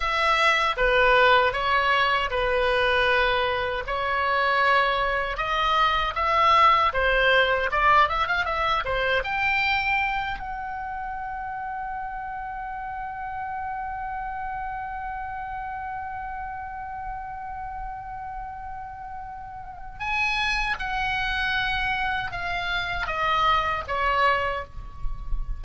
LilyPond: \new Staff \with { instrumentName = "oboe" } { \time 4/4 \tempo 4 = 78 e''4 b'4 cis''4 b'4~ | b'4 cis''2 dis''4 | e''4 c''4 d''8 e''16 f''16 e''8 c''8 | g''4. fis''2~ fis''8~ |
fis''1~ | fis''1~ | fis''2 gis''4 fis''4~ | fis''4 f''4 dis''4 cis''4 | }